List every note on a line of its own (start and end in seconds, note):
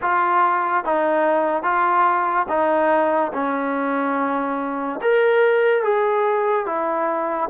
0.01 0.84 F4
0.84 1.62 D#4
1.62 2.46 F4
2.48 3.31 D#4
3.33 5.00 C#4
5.01 5.83 A#4
5.83 6.66 G#4
6.66 7.49 E4